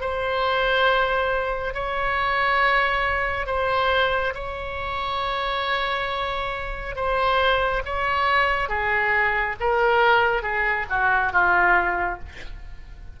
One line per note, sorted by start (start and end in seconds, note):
0.00 1.74 C5
1.74 3.46 C#5
3.46 4.33 C5
4.34 6.95 C#5
6.95 7.82 C5
7.85 8.68 C#5
8.68 9.55 G#4
9.60 10.42 A#4
10.42 10.86 G#4
10.89 11.32 F#4
11.32 12.19 F4